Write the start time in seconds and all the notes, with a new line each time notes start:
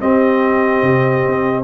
0.00 C4 G4 D#5
0.82 C3
1.26 C4